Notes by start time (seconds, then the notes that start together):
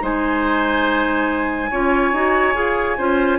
0.00 G#3 D#4 C5 G#5
1.70 C#4 F4 C#5
2.12 D#4 F#4
2.54 F4 G#4
2.97 C#4 F4 C5